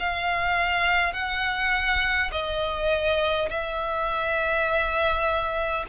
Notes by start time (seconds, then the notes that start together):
0.00 F5
1.13 F#5
2.32 D#5
3.50 E5